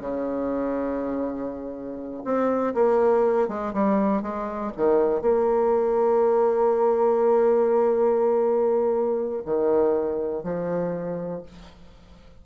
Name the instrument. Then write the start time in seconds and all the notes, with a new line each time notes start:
bassoon
0.00 C#3
2.24 C4
2.74 A#3
3.48 G#3
3.73 G3
4.22 G#3
4.76 D#3
5.21 A#3
9.45 D#3
10.43 F3